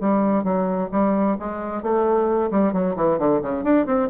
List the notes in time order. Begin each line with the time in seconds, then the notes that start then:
0.00 G3
0.44 F#3
0.91 G3
1.39 G#3
1.82 A3
2.51 G3
2.73 F#3
2.96 E3
3.18 D3
3.42 C#3
3.63 D4
3.86 C4